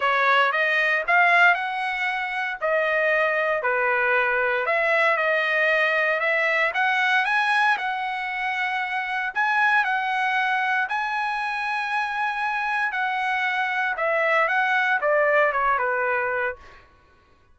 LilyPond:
\new Staff \with { instrumentName = "trumpet" } { \time 4/4 \tempo 4 = 116 cis''4 dis''4 f''4 fis''4~ | fis''4 dis''2 b'4~ | b'4 e''4 dis''2 | e''4 fis''4 gis''4 fis''4~ |
fis''2 gis''4 fis''4~ | fis''4 gis''2.~ | gis''4 fis''2 e''4 | fis''4 d''4 cis''8 b'4. | }